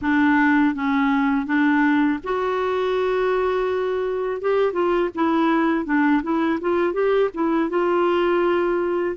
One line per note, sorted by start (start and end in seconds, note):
0.01 0.74 D4
0.74 1.46 C#4
1.46 2.19 D4
2.23 4.41 F#4
4.41 4.73 G4
4.73 5.09 F4
5.14 5.85 E4
5.85 6.22 D4
6.22 6.59 E4
6.60 6.93 F4
6.93 7.29 G4
7.34 7.69 E4
7.69 9.16 F4